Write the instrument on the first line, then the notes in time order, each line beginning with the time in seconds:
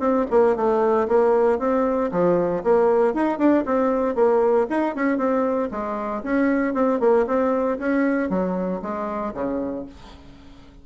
bassoon
0.00 C4
0.31 A#3
0.56 A3
1.09 A#3
1.59 C4
2.12 F3
2.64 A#3
3.14 D#4
3.39 D4
3.66 C4
4.16 A#3
4.70 D#4
4.96 C#4
5.18 C4
5.72 G#3
6.24 C#4
6.75 C4
7.01 A#3
7.27 C4
7.79 C#4
8.30 F#3
8.83 G#3
9.35 C#3